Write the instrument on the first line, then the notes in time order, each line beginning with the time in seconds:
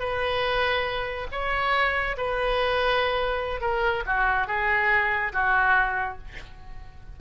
oboe
0.00 B4
1.32 C#5
2.18 B4
3.61 A#4
4.06 F#4
4.48 G#4
5.33 F#4